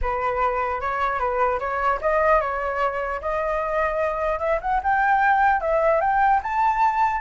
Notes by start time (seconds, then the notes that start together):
0.01 B4
0.80 C#5
1.19 B4
1.59 C#5
2.01 D#5
2.41 C#5
3.21 D#5
4.39 E5
4.61 F#5
4.83 G5
5.60 E5
6.00 G5
6.42 A5